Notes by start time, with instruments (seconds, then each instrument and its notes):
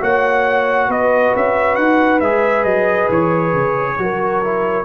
0.00 tuba A#3, trombone F#4, horn C#5, trumpet F#5
0.87 tuba B3, horn B4, trumpet D#5
1.35 tuba C#4, trumpet E5
1.75 tuba D#4, trumpet F#5
2.20 tuba G#3, trombone G#4, trumpet E5
2.64 tuba F#3, trumpet D#5
3.09 tuba E3, trumpet C#5
3.53 tuba C#3
3.98 tuba F#3, trombone F#4, horn A#4
4.44 trombone E4